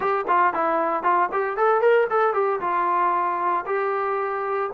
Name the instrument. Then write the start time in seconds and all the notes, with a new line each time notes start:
trombone
0.00 G4
0.27 F4
0.53 E4
1.03 F4
1.32 G4
1.56 A4
1.81 A#4
2.09 A4
2.33 G4
2.60 F4
3.66 G4